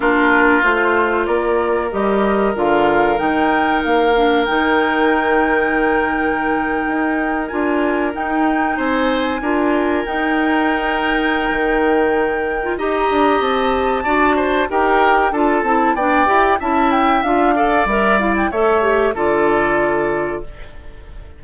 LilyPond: <<
  \new Staff \with { instrumentName = "flute" } { \time 4/4 \tempo 4 = 94 ais'4 c''4 d''4 dis''4 | f''4 g''4 f''4 g''4~ | g''2.~ g''8. gis''16~ | gis''8. g''4 gis''2 g''16~ |
g''1 | ais''4 a''2 g''4 | a''4 g''4 a''8 g''8 f''4 | e''8 f''16 g''16 e''4 d''2 | }
  \new Staff \with { instrumentName = "oboe" } { \time 4/4 f'2 ais'2~ | ais'1~ | ais'1~ | ais'4.~ ais'16 c''4 ais'4~ ais'16~ |
ais'1 | dis''2 d''8 c''8 ais'4 | a'4 d''4 e''4. d''8~ | d''4 cis''4 a'2 | }
  \new Staff \with { instrumentName = "clarinet" } { \time 4/4 d'4 f'2 g'4 | f'4 dis'4. d'8 dis'4~ | dis'2.~ dis'8. f'16~ | f'8. dis'2 f'4 dis'16~ |
dis'2.~ dis'8. f'16 | g'2 fis'4 g'4 | f'8 e'8 d'8 g'8 e'4 f'8 a'8 | ais'8 e'8 a'8 g'8 f'2 | }
  \new Staff \with { instrumentName = "bassoon" } { \time 4/4 ais4 a4 ais4 g4 | d4 dis4 ais4 dis4~ | dis2~ dis8. dis'4 d'16~ | d'8. dis'4 c'4 d'4 dis'16~ |
dis'2 dis2 | dis'8 d'8 c'4 d'4 dis'4 | d'8 c'8 b8 e'8 cis'4 d'4 | g4 a4 d2 | }
>>